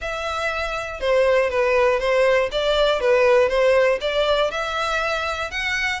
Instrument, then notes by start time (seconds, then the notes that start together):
violin
0.01 E5
1.00 C5
1.50 B4
1.99 C5
2.51 D5
3.00 B4
3.48 C5
4.00 D5
4.50 E5
5.50 F#5